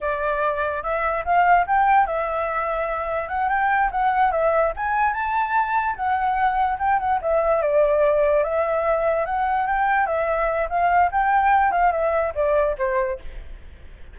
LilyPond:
\new Staff \with { instrumentName = "flute" } { \time 4/4 \tempo 4 = 146 d''2 e''4 f''4 | g''4 e''2. | fis''8 g''4 fis''4 e''4 gis''8~ | gis''8 a''2 fis''4.~ |
fis''8 g''8 fis''8 e''4 d''4.~ | d''8 e''2 fis''4 g''8~ | g''8 e''4. f''4 g''4~ | g''8 f''8 e''4 d''4 c''4 | }